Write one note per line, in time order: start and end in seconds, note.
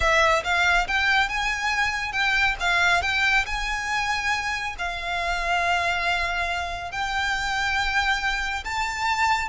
0.00 0.43 E5
0.43 0.87 F5
0.87 1.28 G5
1.28 2.12 G#5
2.12 2.55 G5
2.60 3.02 F5
3.02 3.45 G5
3.46 4.75 G#5
4.78 6.91 F5
6.91 8.64 G5
8.64 9.48 A5